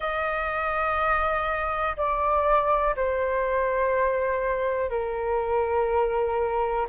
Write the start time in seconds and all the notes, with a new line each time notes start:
0.00 D#5
1.96 D5
2.96 C5
4.90 A#4